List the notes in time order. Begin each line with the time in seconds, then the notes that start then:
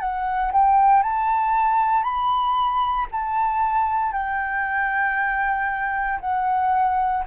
0.00 F#5
0.53 G5
1.03 A5
2.03 B5
3.12 A5
4.12 G5
6.21 F#5